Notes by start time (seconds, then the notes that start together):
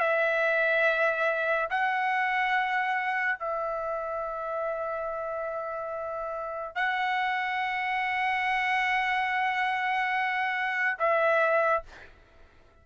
0.00 E5
1.71 F#5
3.40 E5
6.76 F#5
10.99 E5